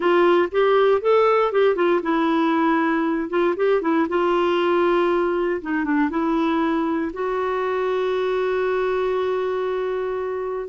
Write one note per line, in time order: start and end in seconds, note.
0.00 0.49 F4
0.51 1.01 G4
1.01 1.51 A4
1.52 1.75 G4
1.75 2.01 F4
2.02 3.29 E4
3.29 3.55 F4
3.56 3.81 G4
3.81 4.07 E4
4.08 5.61 F4
5.61 5.84 D#4
5.84 6.09 D4
6.10 7.11 E4
7.13 10.68 F#4